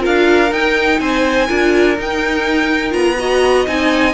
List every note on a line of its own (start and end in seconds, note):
0.00 0.48 F4
0.00 0.98 A#4
0.00 0.53 F5
0.07 0.52 D4
0.52 1.00 D#4
0.52 1.48 D#4
0.52 1.00 G5
1.00 1.49 C4
1.00 1.47 C5
1.00 1.97 G#5
1.47 1.98 D4
1.47 1.97 F4
1.47 3.16 A#4
1.98 2.91 D#4
1.98 2.94 D#4
1.98 2.93 G5
2.91 3.67 B3
2.91 3.15 F4
2.91 3.66 A#5
3.19 3.67 F#4
3.19 4.14 D#5
3.67 4.14 C4
3.67 4.14 D#4
3.67 4.14 G#5